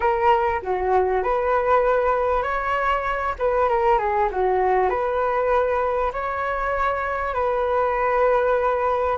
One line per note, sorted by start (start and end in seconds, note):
0.00 0.60 A#4
0.62 1.23 F#4
1.23 2.42 B4
2.42 3.34 C#5
3.38 3.68 B4
3.68 3.98 A#4
3.98 4.29 G#4
4.31 4.89 F#4
4.89 6.12 B4
6.12 7.33 C#5
7.33 9.17 B4